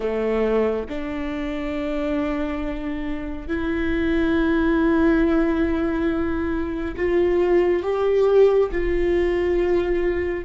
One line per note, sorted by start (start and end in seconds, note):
0.00 0.87 A3
0.89 3.47 D4
3.47 6.95 E4
6.96 7.83 F4
7.83 8.70 G4
8.71 10.44 F4